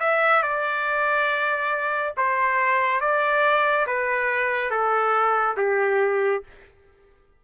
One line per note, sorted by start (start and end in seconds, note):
0.00 0.42 E5
0.42 2.14 D5
2.17 3.01 C5
3.01 3.86 D5
3.87 4.71 B4
4.71 5.56 A4
5.57 6.43 G4